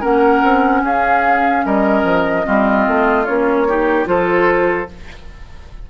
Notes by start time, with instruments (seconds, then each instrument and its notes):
0.00 bassoon A#3, clarinet C#4, oboe A#4, flute F#5
0.43 bassoon C4
0.82 bassoon C#4, oboe G#4, flute F5
1.65 bassoon G3, oboe A#4, flute D#5
2.03 bassoon F3
2.44 bassoon G3, clarinet C4, oboe F4
2.87 bassoon A3
3.25 bassoon A#3, clarinet C#4, flute C#5
3.68 clarinet D#4, oboe G4
4.05 bassoon F3, clarinet F4, oboe A4, flute C5